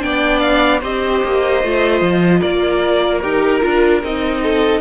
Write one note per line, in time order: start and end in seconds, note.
0.00 0.82 B3
0.00 0.80 D4
0.00 0.80 D5
0.00 0.40 G5
0.40 0.80 F5
0.80 1.22 C4
0.80 1.63 G4
0.80 2.40 C5
0.80 2.42 D#5
1.24 1.64 A#3
1.64 2.01 A3
1.64 3.22 F4
2.01 2.41 F3
2.40 3.23 A#3
2.40 4.40 A#4
2.40 3.20 D5
3.20 3.63 D#4
3.20 3.61 G4
3.20 4.00 A#4
3.61 4.03 D4
3.61 4.01 F4
4.03 4.81 C4
4.03 4.81 D#4
4.03 4.81 D#5
4.43 4.81 A4